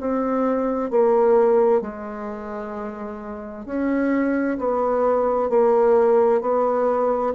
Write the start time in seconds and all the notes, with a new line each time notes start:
0.00 C4
0.91 A#3
1.82 G#3
3.66 C#4
4.59 B3
5.50 A#3
6.42 B3